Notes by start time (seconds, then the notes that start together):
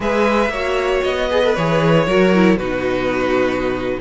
0.00 G#3 G#4 B4 E5
0.48 A#3 F#4 C#5
1.03 B3 D#5
1.28 G#4 B4
1.44 A4
1.55 E3 G#4 C#5
2.06 F#3 F#4 A#4
2.34 E4
2.56 B2 D#4 F#4 B4